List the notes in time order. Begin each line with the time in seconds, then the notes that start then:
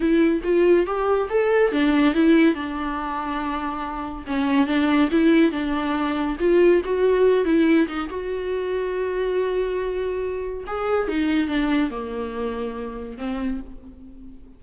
0.00 E4
0.43 F4
0.86 G4
1.29 A4
1.72 D4
2.14 E4
2.54 D4
4.26 C#4
4.66 D4
5.11 E4
5.51 D4
6.39 F4
6.85 F#4
7.44 E4
7.87 D#4
8.09 F#4
10.66 G#4
11.08 D#4
11.47 D4
11.90 A#3
13.17 C4